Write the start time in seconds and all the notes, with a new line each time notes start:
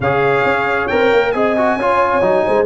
0.00 C#3 G#4 C#5 F5
0.44 C#4
0.87 C4 A#4 G5
1.12 A#3
1.31 C4 G#4 D#5 G#5
1.57 F#4
1.76 C#4 F4 C#5
2.21 F#3 D#4
2.45 G#3 C5